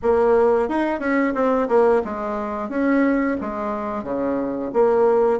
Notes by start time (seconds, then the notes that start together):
0.02 A#3
0.68 D#4
0.99 C#4
1.34 C4
1.68 A#3
2.04 G#3
2.69 C#4
3.40 G#3
4.03 C#3
4.73 A#3